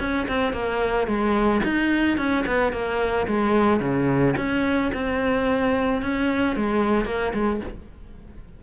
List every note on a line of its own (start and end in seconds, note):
0.00 0.27 C#4
0.29 0.54 C4
0.54 1.08 A#3
1.08 1.62 G#3
1.64 2.18 D#4
2.18 2.45 C#4
2.47 2.73 B3
2.73 3.27 A#3
3.28 3.81 G#3
3.81 4.35 C#3
4.37 4.92 C#4
4.94 6.03 C4
6.03 6.57 C#4
6.57 7.06 G#3
7.06 7.33 A#3
7.34 7.61 G#3